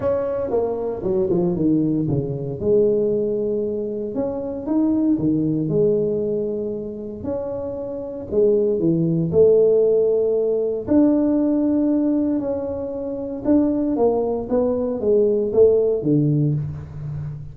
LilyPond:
\new Staff \with { instrumentName = "tuba" } { \time 4/4 \tempo 4 = 116 cis'4 ais4 fis8 f8 dis4 | cis4 gis2. | cis'4 dis'4 dis4 gis4~ | gis2 cis'2 |
gis4 e4 a2~ | a4 d'2. | cis'2 d'4 ais4 | b4 gis4 a4 d4 | }